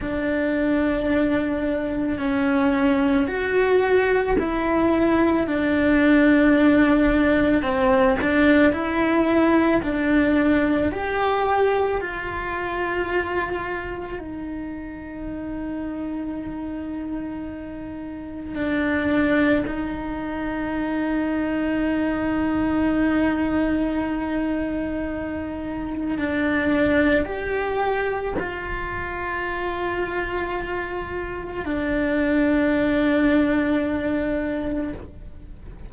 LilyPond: \new Staff \with { instrumentName = "cello" } { \time 4/4 \tempo 4 = 55 d'2 cis'4 fis'4 | e'4 d'2 c'8 d'8 | e'4 d'4 g'4 f'4~ | f'4 dis'2.~ |
dis'4 d'4 dis'2~ | dis'1 | d'4 g'4 f'2~ | f'4 d'2. | }